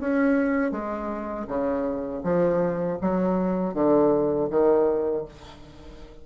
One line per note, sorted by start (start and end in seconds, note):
0.00 0.72 C#4
0.72 1.47 G#3
1.48 2.23 C#3
2.23 2.98 F3
3.01 3.74 F#3
3.74 4.49 D3
4.50 5.25 D#3